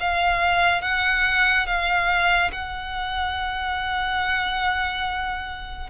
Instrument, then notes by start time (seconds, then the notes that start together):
violin
0.00 F5
0.82 F#5
1.66 F5
2.52 F#5